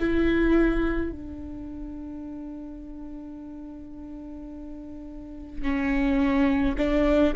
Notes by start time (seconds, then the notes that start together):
0.00 E4
1.12 D4
5.63 C#4
6.78 D4